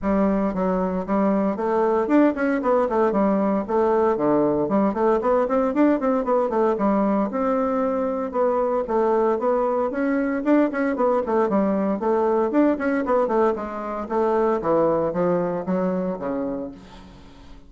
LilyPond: \new Staff \with { instrumentName = "bassoon" } { \time 4/4 \tempo 4 = 115 g4 fis4 g4 a4 | d'8 cis'8 b8 a8 g4 a4 | d4 g8 a8 b8 c'8 d'8 c'8 | b8 a8 g4 c'2 |
b4 a4 b4 cis'4 | d'8 cis'8 b8 a8 g4 a4 | d'8 cis'8 b8 a8 gis4 a4 | e4 f4 fis4 cis4 | }